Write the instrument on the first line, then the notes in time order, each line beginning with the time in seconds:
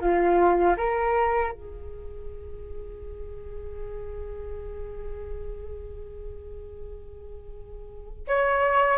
flute
0.00 F4
0.77 A#4
1.52 G#4
8.27 C#5